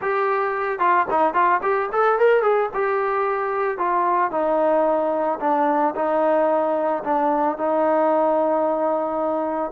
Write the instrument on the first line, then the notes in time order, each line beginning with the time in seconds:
trombone
0.01 G4
0.79 F4
1.10 D#4
1.34 F4
1.62 G4
1.92 A4
2.18 A#4
2.42 G#4
2.74 G4
3.77 F4
4.31 D#4
5.40 D4
5.95 D#4
7.04 D4
7.57 D#4